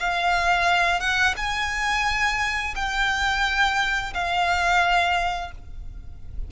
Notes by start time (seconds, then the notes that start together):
0.00 F5
1.00 F#5
1.37 G#5
2.76 G5
4.14 F5